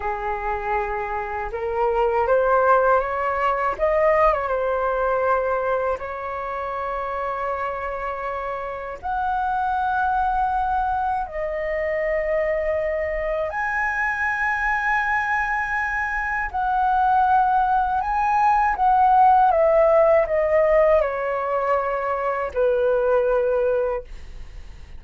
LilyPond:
\new Staff \with { instrumentName = "flute" } { \time 4/4 \tempo 4 = 80 gis'2 ais'4 c''4 | cis''4 dis''8. cis''16 c''2 | cis''1 | fis''2. dis''4~ |
dis''2 gis''2~ | gis''2 fis''2 | gis''4 fis''4 e''4 dis''4 | cis''2 b'2 | }